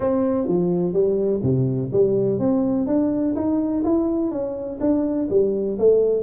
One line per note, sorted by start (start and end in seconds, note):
0.00 0.47 C4
0.47 0.93 F3
0.93 1.41 G3
1.43 1.91 C3
1.92 2.39 G3
2.39 2.87 C4
2.87 3.35 D4
3.35 3.83 D#4
3.84 4.31 E4
4.31 4.79 C#4
4.80 5.28 D4
5.30 5.78 G3
5.78 6.22 A3